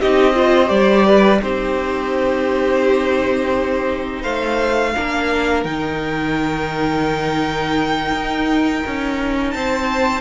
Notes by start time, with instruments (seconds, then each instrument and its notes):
0.00 cello C4, viola D#4, violin G4 D#5
0.34 viola F4, violin C5
0.67 cello G3, viola G4, violin D5
1.06 violin B4
1.42 cello C4, viola D#4, violin G4 C5
4.21 cello A3, violin C5 F5
4.95 cello A#3, viola D4, violin A#4
5.64 cello D#3, viola D#4, violin G5
8.12 cello D#4
8.87 cello C#4
9.51 cello C4, violin C5 A5